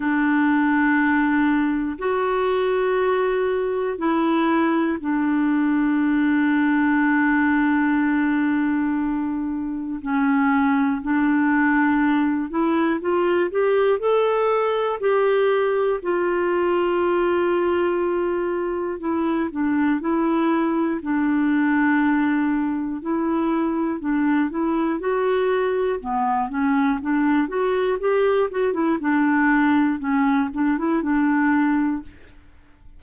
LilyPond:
\new Staff \with { instrumentName = "clarinet" } { \time 4/4 \tempo 4 = 60 d'2 fis'2 | e'4 d'2.~ | d'2 cis'4 d'4~ | d'8 e'8 f'8 g'8 a'4 g'4 |
f'2. e'8 d'8 | e'4 d'2 e'4 | d'8 e'8 fis'4 b8 cis'8 d'8 fis'8 | g'8 fis'16 e'16 d'4 cis'8 d'16 e'16 d'4 | }